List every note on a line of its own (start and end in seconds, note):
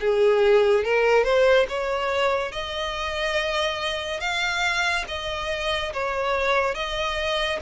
0.00 0.84 G#4
0.84 1.24 A#4
1.24 1.66 C5
1.69 2.52 C#5
2.52 4.20 D#5
4.20 5.04 F5
5.08 5.92 D#5
5.93 6.75 C#5
6.75 7.59 D#5